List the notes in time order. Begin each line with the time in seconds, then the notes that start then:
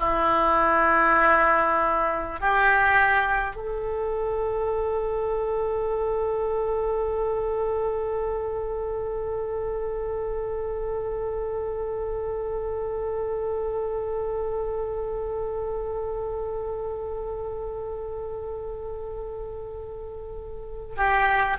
0.00 E4
2.40 G4
3.56 A4
20.97 G4